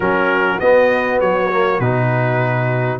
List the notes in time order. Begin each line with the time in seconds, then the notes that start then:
0.00 F#3 C#4 F#4 A#4
0.59 B3 D#5
1.20 F#3 C#5
1.51 A#3
1.79 B2 D#4 B4